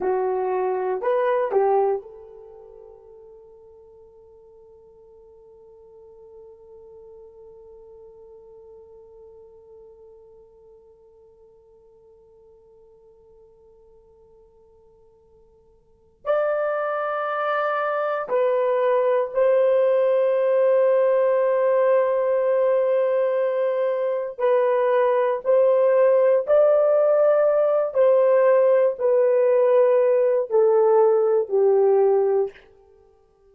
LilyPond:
\new Staff \with { instrumentName = "horn" } { \time 4/4 \tempo 4 = 59 fis'4 b'8 g'8 a'2~ | a'1~ | a'1~ | a'1 |
d''2 b'4 c''4~ | c''1 | b'4 c''4 d''4. c''8~ | c''8 b'4. a'4 g'4 | }